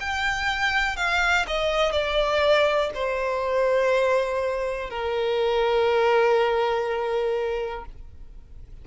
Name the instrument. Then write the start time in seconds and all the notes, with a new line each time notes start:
violin
0.00 G5
0.97 F5
1.47 D#5
1.92 D5
2.94 C5
4.90 A#4